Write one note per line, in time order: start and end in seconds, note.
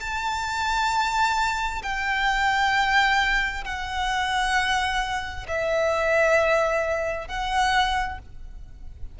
0.00 1.82 A5
1.82 3.64 G5
3.64 5.46 F#5
5.48 7.27 E5
7.27 8.18 F#5